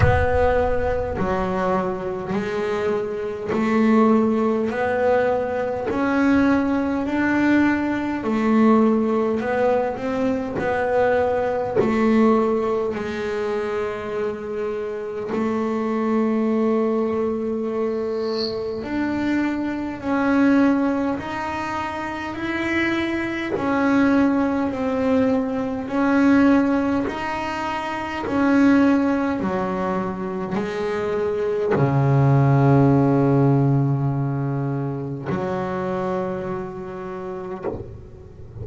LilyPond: \new Staff \with { instrumentName = "double bass" } { \time 4/4 \tempo 4 = 51 b4 fis4 gis4 a4 | b4 cis'4 d'4 a4 | b8 c'8 b4 a4 gis4~ | gis4 a2. |
d'4 cis'4 dis'4 e'4 | cis'4 c'4 cis'4 dis'4 | cis'4 fis4 gis4 cis4~ | cis2 fis2 | }